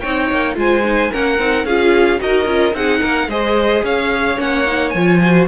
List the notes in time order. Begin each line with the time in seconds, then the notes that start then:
0.00 C4 D#4 C#5 G5
0.31 A#3
0.55 G#3 F4 C5 G#5
0.84 D#4
1.11 A#3 C#4 A#4 F#5
1.38 C4 D#4
1.64 C#4 F4 G#4 F5
2.19 D#4 F#4 A#4 D#5
2.45 C#4 F4
2.74 C4 D#4 G#4 F#5
3.00 A#3 A#4
3.27 G#3 G#4 C5 D#5
3.83 C#4 C#5 F5
4.38 A#3 C#4 F#5
4.66 D#4
4.90 F3 F4 G#5
5.21 F#4 C5